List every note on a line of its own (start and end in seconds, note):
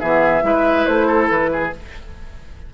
0.00 0.43 E3
0.00 0.42 B3
0.00 0.43 G#4
0.00 0.86 E5
0.42 0.86 G#3
0.42 1.71 E4
0.42 1.07 B4
0.86 1.30 A3
0.86 1.29 C5
1.07 1.50 A4
1.30 1.73 E3
1.30 1.73 B4
1.53 1.74 G#4